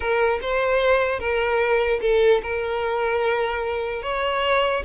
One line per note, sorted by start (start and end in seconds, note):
0.00 0.39 A#4
0.41 1.19 C5
1.19 2.00 A#4
2.01 2.41 A4
2.42 4.02 A#4
4.02 4.83 C#5